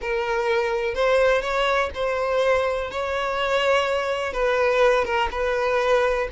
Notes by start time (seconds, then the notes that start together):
0.01 A#4
0.94 C5
1.41 C#5
1.94 C5
2.90 C#5
4.33 B4
5.04 A#4
5.31 B4